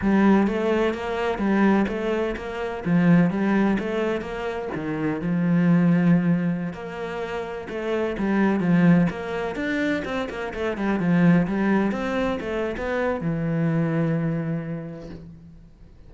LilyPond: \new Staff \with { instrumentName = "cello" } { \time 4/4 \tempo 4 = 127 g4 a4 ais4 g4 | a4 ais4 f4 g4 | a4 ais4 dis4 f4~ | f2~ f16 ais4.~ ais16~ |
ais16 a4 g4 f4 ais8.~ | ais16 d'4 c'8 ais8 a8 g8 f8.~ | f16 g4 c'4 a8. b4 | e1 | }